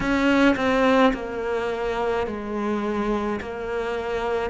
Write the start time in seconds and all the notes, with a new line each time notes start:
0.00 C#4
0.56 C4
1.13 A#3
2.26 G#3
3.41 A#3